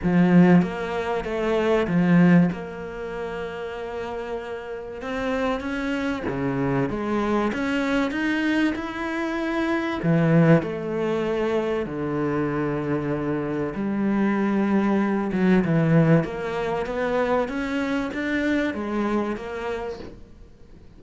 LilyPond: \new Staff \with { instrumentName = "cello" } { \time 4/4 \tempo 4 = 96 f4 ais4 a4 f4 | ais1 | c'4 cis'4 cis4 gis4 | cis'4 dis'4 e'2 |
e4 a2 d4~ | d2 g2~ | g8 fis8 e4 ais4 b4 | cis'4 d'4 gis4 ais4 | }